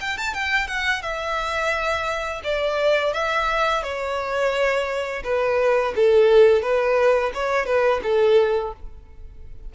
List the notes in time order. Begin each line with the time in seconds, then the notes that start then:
0.00 G5
0.17 A5
0.34 G5
0.68 F#5
1.02 E5
2.44 D5
3.13 E5
3.83 C#5
5.24 B4
5.96 A4
6.62 B4
7.34 C#5
7.66 B4
8.03 A4